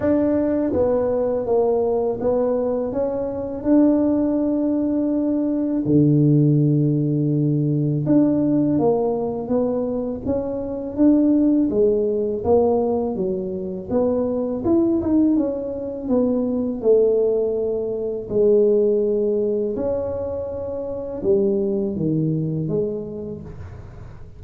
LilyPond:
\new Staff \with { instrumentName = "tuba" } { \time 4/4 \tempo 4 = 82 d'4 b4 ais4 b4 | cis'4 d'2. | d2. d'4 | ais4 b4 cis'4 d'4 |
gis4 ais4 fis4 b4 | e'8 dis'8 cis'4 b4 a4~ | a4 gis2 cis'4~ | cis'4 g4 dis4 gis4 | }